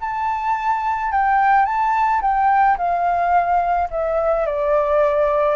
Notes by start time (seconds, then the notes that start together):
0.00 A5
1.11 G5
1.65 A5
2.21 G5
2.77 F5
3.90 E5
4.45 D5